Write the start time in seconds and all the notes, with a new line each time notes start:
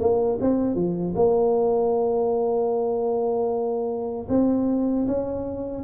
0.00 A#3
0.41 C4
0.75 F3
1.15 A#3
4.29 C4
5.07 C#4